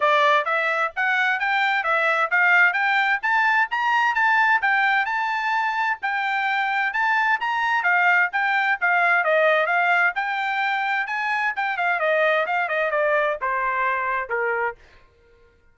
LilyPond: \new Staff \with { instrumentName = "trumpet" } { \time 4/4 \tempo 4 = 130 d''4 e''4 fis''4 g''4 | e''4 f''4 g''4 a''4 | ais''4 a''4 g''4 a''4~ | a''4 g''2 a''4 |
ais''4 f''4 g''4 f''4 | dis''4 f''4 g''2 | gis''4 g''8 f''8 dis''4 f''8 dis''8 | d''4 c''2 ais'4 | }